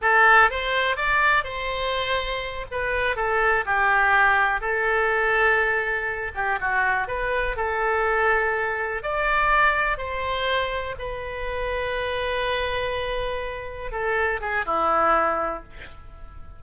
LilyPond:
\new Staff \with { instrumentName = "oboe" } { \time 4/4 \tempo 4 = 123 a'4 c''4 d''4 c''4~ | c''4. b'4 a'4 g'8~ | g'4. a'2~ a'8~ | a'4 g'8 fis'4 b'4 a'8~ |
a'2~ a'8 d''4.~ | d''8 c''2 b'4.~ | b'1~ | b'8 a'4 gis'8 e'2 | }